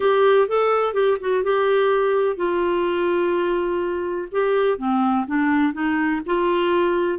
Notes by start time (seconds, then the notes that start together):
0.00 G4
0.48 A4
0.93 G4
1.20 F#4
1.43 G4
2.36 F4
4.31 G4
4.78 C4
5.27 D4
5.73 D#4
6.26 F4